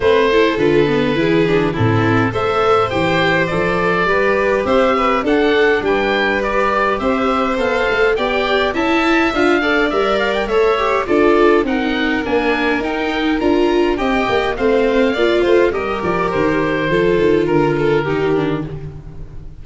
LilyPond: <<
  \new Staff \with { instrumentName = "oboe" } { \time 4/4 \tempo 4 = 103 c''4 b'2 a'4 | e''4 g''4 d''2 | e''4 fis''4 g''4 d''4 | e''4 f''4 g''4 a''4 |
f''4 e''8 f''16 g''16 e''4 d''4 | fis''4 gis''4 g''4 ais''4 | g''4 f''2 dis''8 d''8 | c''2 ais'2 | }
  \new Staff \with { instrumentName = "violin" } { \time 4/4 b'8 a'4. gis'4 e'4 | c''2. b'4 | c''8 b'8 a'4 b'2 | c''2 d''4 e''4~ |
e''8 d''4. cis''4 a'4 | ais'1 | dis''4 c''4 d''8 c''8 ais'4~ | ais'4 a'4 ais'8 a'8 g'4 | }
  \new Staff \with { instrumentName = "viola" } { \time 4/4 c'8 e'8 f'8 b8 e'8 d'8 c'4 | a'4 g'4 a'4 g'4~ | g'4 d'2 g'4~ | g'4 a'4 g'4 e'4 |
f'8 a'8 ais'4 a'8 g'8 f'4 | dis'4 d'4 dis'4 f'4 | g'4 c'4 f'4 g'4~ | g'4 f'2 dis'8 d'8 | }
  \new Staff \with { instrumentName = "tuba" } { \time 4/4 a4 d4 e4 a,4 | a4 e4 f4 g4 | c'4 d'4 g2 | c'4 b8 a8 b4 cis'4 |
d'4 g4 a4 d'4 | c'4 ais4 dis'4 d'4 | c'8 ais8 a4 ais8 a8 g8 f8 | dis4 f8 dis8 d4 dis4 | }
>>